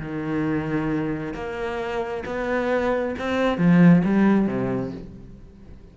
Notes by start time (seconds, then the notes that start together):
0.00 D#3
1.35 A#3
2.26 B3
3.19 C4
3.58 F3
4.05 G3
4.48 C3